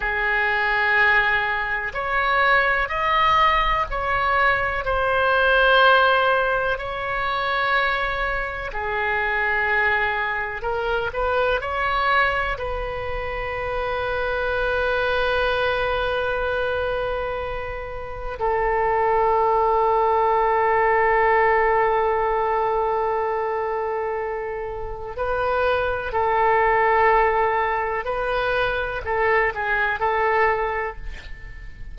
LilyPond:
\new Staff \with { instrumentName = "oboe" } { \time 4/4 \tempo 4 = 62 gis'2 cis''4 dis''4 | cis''4 c''2 cis''4~ | cis''4 gis'2 ais'8 b'8 | cis''4 b'2.~ |
b'2. a'4~ | a'1~ | a'2 b'4 a'4~ | a'4 b'4 a'8 gis'8 a'4 | }